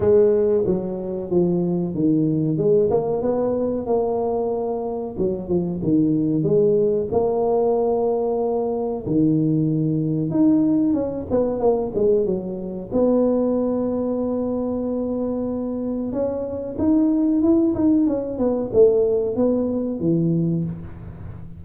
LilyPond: \new Staff \with { instrumentName = "tuba" } { \time 4/4 \tempo 4 = 93 gis4 fis4 f4 dis4 | gis8 ais8 b4 ais2 | fis8 f8 dis4 gis4 ais4~ | ais2 dis2 |
dis'4 cis'8 b8 ais8 gis8 fis4 | b1~ | b4 cis'4 dis'4 e'8 dis'8 | cis'8 b8 a4 b4 e4 | }